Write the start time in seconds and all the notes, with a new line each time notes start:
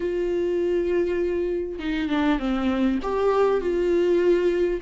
0.00 F4
1.79 D#4
2.09 D4
2.39 C4
3.02 G4
3.60 F4